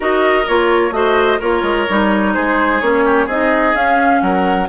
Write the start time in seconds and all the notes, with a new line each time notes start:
0.00 D#4 F#4 A#4 D#5
0.47 A#3 F4 C#5
0.91 A3 F#4 C5 D#5
1.39 A#3 F4 A#4 C#5
1.62 G#3
1.89 G3 D#4
2.33 G#3 G#4 C5
2.80 A#3 C#4 C#5
3.05 G4
3.26 C4 D#4 G#4 D#5
3.74 C#4 F5
4.20 F#3 A#4 F#5